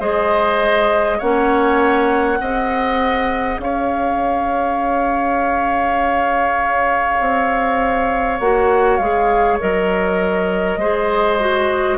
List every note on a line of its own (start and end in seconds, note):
0.00 1.20 G#3
0.00 1.20 G#4
0.00 1.18 C5
0.00 1.20 D#5
1.18 2.40 A#3
1.18 2.38 C#4
1.18 2.38 C#5
1.18 3.60 F#5
2.38 3.58 C4
2.38 8.38 G#4
2.38 3.61 D#5
3.58 7.19 C#4
3.58 10.80 C#5
3.58 8.40 F5
7.21 8.40 C4
8.40 8.99 A#3
8.40 9.01 F#4
8.40 8.97 F#5
8.97 9.59 G#3
8.97 9.61 G#4
8.97 9.58 F5
9.61 10.78 F#3
9.61 10.80 A#4
9.61 11.98 D#5
10.78 11.97 G#3
10.78 11.40 G#4
10.78 11.98 C5
11.40 11.98 F#4